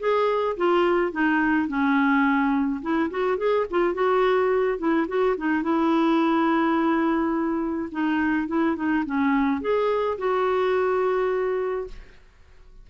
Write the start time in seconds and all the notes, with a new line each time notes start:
0.00 G#4
0.57 F4
1.13 D#4
1.69 C#4
2.82 E4
3.11 F#4
3.38 G#4
3.71 F4
3.94 F#4
4.79 E4
5.08 F#4
5.38 D#4
5.63 E4
7.92 D#4
8.48 E4
8.76 D#4
9.06 C#4
9.62 G#4
10.18 F#4